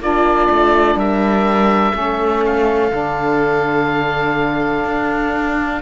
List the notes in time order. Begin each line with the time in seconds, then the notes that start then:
0.00 A#3 D4 F4 D5
0.50 A3
0.96 G3 A#4 E5
1.94 A3 C#4 A4
2.46 F5
2.91 D3 D4
4.85 D4